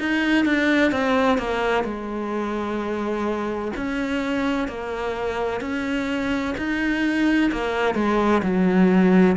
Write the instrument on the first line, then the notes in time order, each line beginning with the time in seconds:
cello
0.00 D#4
0.46 D4
0.92 C4
1.38 A#3
1.85 G#3
3.77 C#4
4.69 A#3
5.62 C#4
6.58 D#4
7.52 A#3
7.96 G#3
8.43 F#3